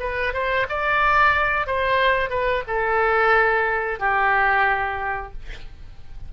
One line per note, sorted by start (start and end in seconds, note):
0.00 0.33 B4
0.33 0.67 C5
0.69 1.67 D5
1.67 2.30 C5
2.30 2.63 B4
2.68 3.99 A4
3.99 5.33 G4